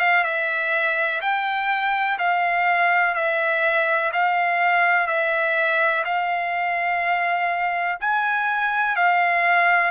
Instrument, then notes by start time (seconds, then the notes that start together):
trumpet
0.00 F5
0.25 E5
1.22 G5
2.19 F5
3.15 E5
4.13 F5
5.08 E5
6.05 F5
8.01 G#5
8.96 F5